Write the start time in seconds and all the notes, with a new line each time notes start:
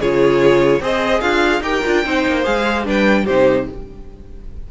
0.00 C#3 F4 G#4 C#5
0.80 C4 G#4 C5 D#5
1.20 D4 F4 F5
1.60 D#4 G4 A#4 G5
1.86 D4 F4
2.04 C4 D#4 C5
2.26 A#3
2.43 G#3 G#4 F5
2.84 G3 D4 B4 G5
3.24 C3 D#4 G4 C5